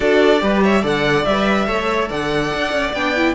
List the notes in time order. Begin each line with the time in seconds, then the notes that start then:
0.00 D4 F#4 A4 D5
0.38 G3 G4 B4
0.63 C#5 E5
0.81 D3 A4 D5 F#5
1.24 G3 B4 E5
1.66 A3 A4 C#5
2.08 D3 D5 F#5
2.54 D4
2.72 C#4
2.93 B3 D4 G5
3.15 E4